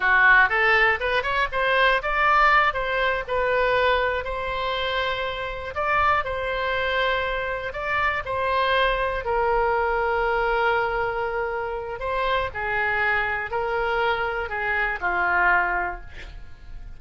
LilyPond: \new Staff \with { instrumentName = "oboe" } { \time 4/4 \tempo 4 = 120 fis'4 a'4 b'8 cis''8 c''4 | d''4. c''4 b'4.~ | b'8 c''2. d''8~ | d''8 c''2. d''8~ |
d''8 c''2 ais'4.~ | ais'1 | c''4 gis'2 ais'4~ | ais'4 gis'4 f'2 | }